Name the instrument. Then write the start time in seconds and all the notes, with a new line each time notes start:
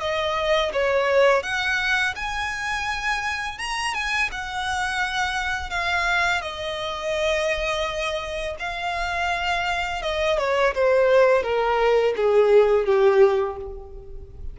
violin
0.00 D#5
0.72 C#5
1.43 F#5
2.15 G#5
3.58 A#5
3.94 G#5
4.31 F#5
5.70 F5
6.42 D#5
8.59 F5
10.02 D#5
10.38 C#5
10.74 C5
11.43 A#4
12.16 G#4
12.85 G4